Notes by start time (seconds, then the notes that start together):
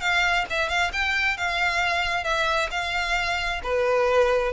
0.00 F5
0.50 E5
0.68 F5
0.92 G5
1.37 F5
2.24 E5
2.71 F5
3.63 B4